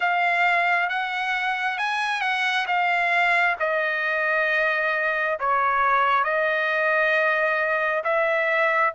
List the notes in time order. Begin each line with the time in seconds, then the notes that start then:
0.00 F5
0.89 F#5
1.77 G#5
2.21 F#5
2.66 F5
3.59 D#5
5.39 C#5
6.24 D#5
8.04 E5